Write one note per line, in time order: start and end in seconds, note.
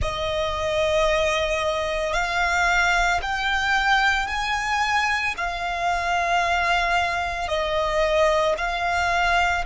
0.01 2.13 D#5
2.13 3.20 F5
3.21 4.27 G5
4.27 5.34 G#5
5.37 7.48 F5
7.48 8.55 D#5
8.57 9.64 F5